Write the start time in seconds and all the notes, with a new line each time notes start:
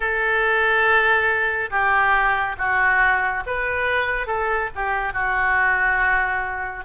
0.00 A4
1.70 G4
2.58 F#4
3.46 B4
4.26 A4
4.75 G4
5.13 F#4